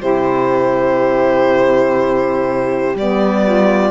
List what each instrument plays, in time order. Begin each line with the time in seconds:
0.00 cello C3, saxophone E4 G4, violin C5
2.95 cello G3, saxophone B3, violin D5
3.45 saxophone F4